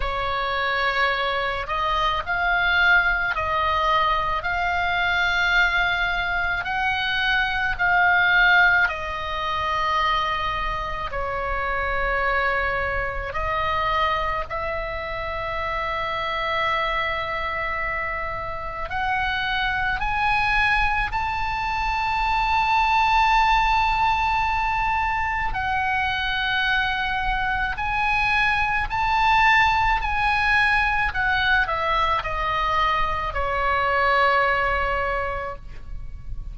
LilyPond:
\new Staff \with { instrumentName = "oboe" } { \time 4/4 \tempo 4 = 54 cis''4. dis''8 f''4 dis''4 | f''2 fis''4 f''4 | dis''2 cis''2 | dis''4 e''2.~ |
e''4 fis''4 gis''4 a''4~ | a''2. fis''4~ | fis''4 gis''4 a''4 gis''4 | fis''8 e''8 dis''4 cis''2 | }